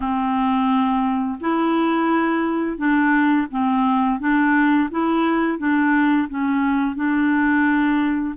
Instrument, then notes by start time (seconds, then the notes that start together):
clarinet
0.00 C4
1.40 E4
2.77 D4
3.51 C4
4.19 D4
4.90 E4
5.58 D4
6.28 C#4
6.95 D4